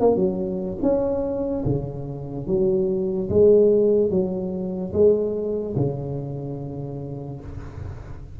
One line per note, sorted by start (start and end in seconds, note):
0.00 0.16 A#3
0.16 0.77 F#3
0.82 1.64 C#4
1.65 2.47 C#3
2.47 3.29 F#3
3.29 4.10 G#3
4.10 4.92 F#3
4.93 5.75 G#3
5.76 7.40 C#3